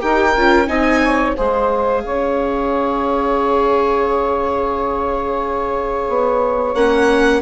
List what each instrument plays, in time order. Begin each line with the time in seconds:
0.00 bassoon D#4, viola G4, saxophone A#4, violin G5
0.37 bassoon C#4, viola F4
0.67 bassoon C4, viola D#4, saxophone D#5, violin G#5
1.04 saxophone C#5
1.36 bassoon G#3, viola G#4, saxophone C5, violin F5
2.05 bassoon C#4, saxophone C#5
6.09 bassoon B3
6.75 bassoon A#3, viola C#4, violin F#5